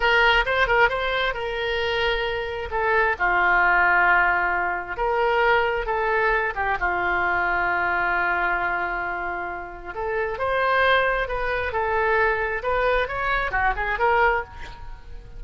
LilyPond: \new Staff \with { instrumentName = "oboe" } { \time 4/4 \tempo 4 = 133 ais'4 c''8 ais'8 c''4 ais'4~ | ais'2 a'4 f'4~ | f'2. ais'4~ | ais'4 a'4. g'8 f'4~ |
f'1~ | f'2 a'4 c''4~ | c''4 b'4 a'2 | b'4 cis''4 fis'8 gis'8 ais'4 | }